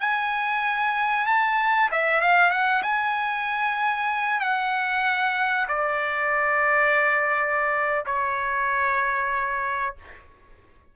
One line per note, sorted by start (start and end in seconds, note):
0.00 1.26 G#5
1.26 1.89 A5
1.91 2.21 E5
2.21 2.50 F5
2.50 2.82 F#5
2.82 4.40 G#5
4.40 5.66 F#5
5.68 8.05 D5
8.06 9.95 C#5